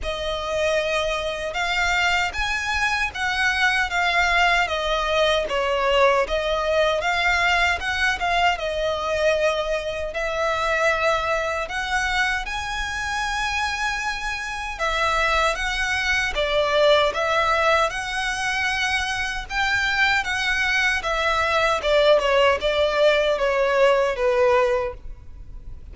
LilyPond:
\new Staff \with { instrumentName = "violin" } { \time 4/4 \tempo 4 = 77 dis''2 f''4 gis''4 | fis''4 f''4 dis''4 cis''4 | dis''4 f''4 fis''8 f''8 dis''4~ | dis''4 e''2 fis''4 |
gis''2. e''4 | fis''4 d''4 e''4 fis''4~ | fis''4 g''4 fis''4 e''4 | d''8 cis''8 d''4 cis''4 b'4 | }